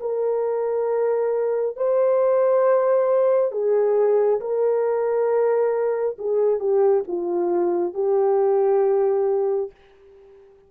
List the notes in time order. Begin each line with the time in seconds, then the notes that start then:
0.00 A#4
1.76 C5
3.52 G#4
4.41 A#4
6.19 G#4
6.60 G4
7.08 F4
7.95 G4